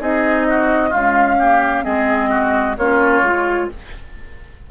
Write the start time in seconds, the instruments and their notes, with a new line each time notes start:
0.00 bassoon C4, clarinet D#4, oboe G#4, flute D#5
0.49 oboe F#4
0.90 clarinet G#3, bassoon C#4, oboe F4, flute F5
1.39 clarinet A#3, oboe G4
1.83 bassoon G#3, clarinet C4, oboe G#4, flute D#5
2.30 oboe F#4
2.77 bassoon A#3, clarinet C#4, oboe F4, flute C#5
3.22 bassoon G#3, clarinet F4